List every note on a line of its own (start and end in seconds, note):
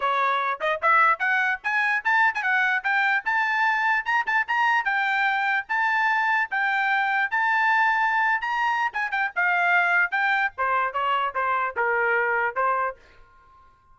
0.00 0.60 C#5
0.60 0.80 D#5
0.81 1.19 E5
1.19 1.59 F#5
1.63 2.04 G#5
2.04 2.34 A5
2.34 2.42 G#5
2.42 2.83 F#5
2.83 3.24 G5
3.25 4.05 A5
4.05 4.25 A#5
4.26 4.46 A5
4.47 4.84 A#5
4.84 5.66 G5
5.68 6.50 A5
6.50 7.31 G5
7.31 8.41 A5
8.41 8.92 A#5
8.93 9.11 G#5
9.11 9.31 G5
9.35 10.11 F5
10.11 10.51 G5
10.57 10.93 C5
10.93 11.33 C#5
11.34 11.75 C5
11.76 12.55 A#4
12.55 12.96 C5